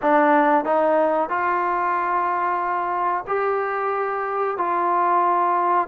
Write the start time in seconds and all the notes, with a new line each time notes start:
0.02 D4
0.64 D#4
1.29 F4
3.27 G4
4.57 F4